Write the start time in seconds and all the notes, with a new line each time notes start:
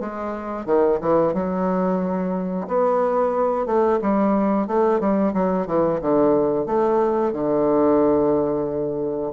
0.00 G#3
0.65 D#3
1.01 E3
1.34 F#3
2.67 B3
3.66 A3
4.02 G3
4.67 A3
5.00 G3
5.34 F#3
5.67 E3
6.01 D3
6.66 A3
7.32 D3